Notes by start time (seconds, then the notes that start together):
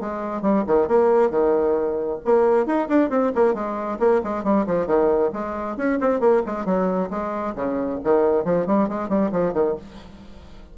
0.00 G#3
0.42 G3
0.67 D#3
0.88 A#3
1.30 D#3
2.25 A#3
2.66 D#4
2.88 D4
3.10 C4
3.35 A#3
3.54 G#3
3.99 A#3
4.23 G#3
4.43 G3
4.66 F3
4.86 D#3
5.33 G#3
5.77 C#4
6.00 C4
6.20 A#3
6.46 G#3
6.65 F#3
7.10 G#3
7.55 C#3
8.03 D#3
8.44 F3
8.66 G3
8.88 G#3
9.09 G3
9.32 F3
9.53 D#3